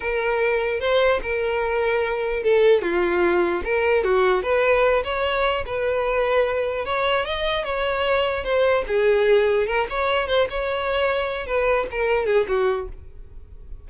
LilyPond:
\new Staff \with { instrumentName = "violin" } { \time 4/4 \tempo 4 = 149 ais'2 c''4 ais'4~ | ais'2 a'4 f'4~ | f'4 ais'4 fis'4 b'4~ | b'8 cis''4. b'2~ |
b'4 cis''4 dis''4 cis''4~ | cis''4 c''4 gis'2 | ais'8 cis''4 c''8 cis''2~ | cis''8 b'4 ais'4 gis'8 fis'4 | }